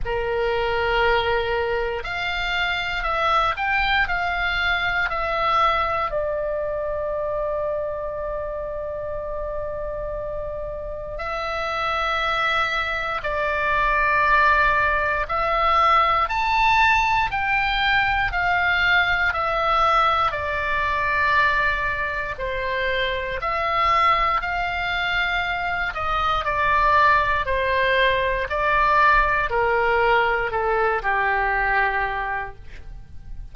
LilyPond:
\new Staff \with { instrumentName = "oboe" } { \time 4/4 \tempo 4 = 59 ais'2 f''4 e''8 g''8 | f''4 e''4 d''2~ | d''2. e''4~ | e''4 d''2 e''4 |
a''4 g''4 f''4 e''4 | d''2 c''4 e''4 | f''4. dis''8 d''4 c''4 | d''4 ais'4 a'8 g'4. | }